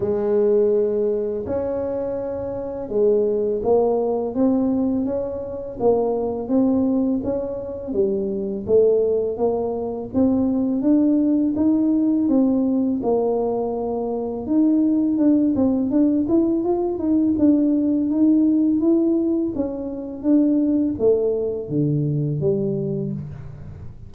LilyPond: \new Staff \with { instrumentName = "tuba" } { \time 4/4 \tempo 4 = 83 gis2 cis'2 | gis4 ais4 c'4 cis'4 | ais4 c'4 cis'4 g4 | a4 ais4 c'4 d'4 |
dis'4 c'4 ais2 | dis'4 d'8 c'8 d'8 e'8 f'8 dis'8 | d'4 dis'4 e'4 cis'4 | d'4 a4 d4 g4 | }